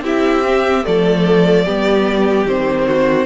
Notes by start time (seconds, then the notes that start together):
0.00 C4 E4 G4 E5
0.44 C4
0.83 F3 A3 A4 D5
1.65 G3 B3 G4
2.45 D#3 C4 C5
2.87 F#4